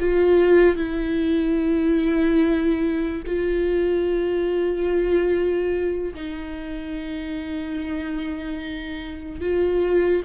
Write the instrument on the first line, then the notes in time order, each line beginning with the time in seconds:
viola
0.00 F4
0.77 E4
3.27 F4
6.15 D#4
9.41 F4